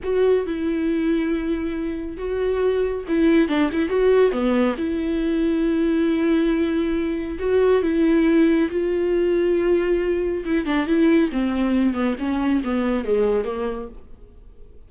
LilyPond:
\new Staff \with { instrumentName = "viola" } { \time 4/4 \tempo 4 = 138 fis'4 e'2.~ | e'4 fis'2 e'4 | d'8 e'8 fis'4 b4 e'4~ | e'1~ |
e'4 fis'4 e'2 | f'1 | e'8 d'8 e'4 c'4. b8 | cis'4 b4 gis4 ais4 | }